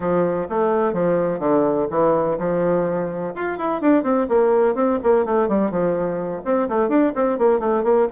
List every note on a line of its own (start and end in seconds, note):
0.00 0.47 F3
0.49 0.93 A3
0.93 1.39 F3
1.39 1.86 D3
1.90 2.37 E3
2.38 3.33 F3
3.35 3.57 F4
3.57 3.81 E4
3.81 4.03 D4
4.03 4.26 C4
4.29 4.74 A#3
4.74 4.98 C4
5.03 5.25 A#3
5.25 5.48 A3
5.48 5.70 G3
5.70 6.42 F3
6.44 6.68 C4
6.69 6.89 A3
6.89 7.12 D4
7.15 7.38 C4
7.38 7.59 A#3
7.59 7.83 A3
7.83 8.07 A#3